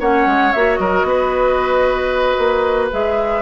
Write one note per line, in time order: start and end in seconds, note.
0.00 0.26 A#3
0.00 0.54 C#4
0.00 0.80 C#5
0.00 0.53 F#5
0.26 0.53 G#3
0.53 0.79 A#3
0.53 2.91 F#4
0.53 0.76 E5
0.76 1.04 F#3
0.76 1.07 A#4
0.76 2.88 D#5
1.04 2.36 B3
1.04 3.42 B4
2.38 2.91 A#3
2.91 3.42 G#3
2.91 3.42 G#4
2.91 3.42 E5